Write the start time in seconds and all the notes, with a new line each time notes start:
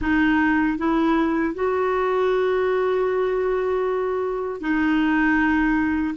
0.01 D#4
0.77 E4
1.54 F#4
4.60 D#4